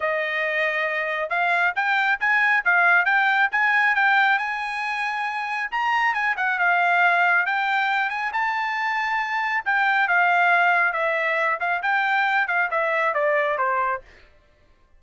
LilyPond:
\new Staff \with { instrumentName = "trumpet" } { \time 4/4 \tempo 4 = 137 dis''2. f''4 | g''4 gis''4 f''4 g''4 | gis''4 g''4 gis''2~ | gis''4 ais''4 gis''8 fis''8 f''4~ |
f''4 g''4. gis''8 a''4~ | a''2 g''4 f''4~ | f''4 e''4. f''8 g''4~ | g''8 f''8 e''4 d''4 c''4 | }